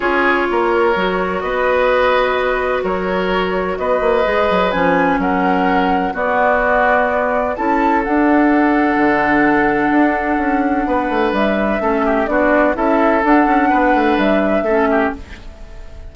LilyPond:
<<
  \new Staff \with { instrumentName = "flute" } { \time 4/4 \tempo 4 = 127 cis''2. dis''4~ | dis''2 cis''2 | dis''2 gis''4 fis''4~ | fis''4 d''2. |
a''4 fis''2.~ | fis''1 | e''2 d''4 e''4 | fis''2 e''2 | }
  \new Staff \with { instrumentName = "oboe" } { \time 4/4 gis'4 ais'2 b'4~ | b'2 ais'2 | b'2. ais'4~ | ais'4 fis'2. |
a'1~ | a'2. b'4~ | b'4 a'8 g'8 fis'4 a'4~ | a'4 b'2 a'8 g'8 | }
  \new Staff \with { instrumentName = "clarinet" } { \time 4/4 f'2 fis'2~ | fis'1~ | fis'4 gis'4 cis'2~ | cis'4 b2. |
e'4 d'2.~ | d'1~ | d'4 cis'4 d'4 e'4 | d'2. cis'4 | }
  \new Staff \with { instrumentName = "bassoon" } { \time 4/4 cis'4 ais4 fis4 b4~ | b2 fis2 | b8 ais8 gis8 fis8 f4 fis4~ | fis4 b2. |
cis'4 d'2 d4~ | d4 d'4 cis'4 b8 a8 | g4 a4 b4 cis'4 | d'8 cis'8 b8 a8 g4 a4 | }
>>